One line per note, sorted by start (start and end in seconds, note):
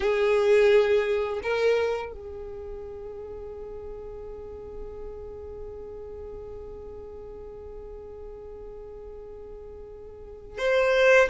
0.00 1.40 G#4
1.42 2.12 A#4
2.12 10.58 G#4
10.58 11.28 C5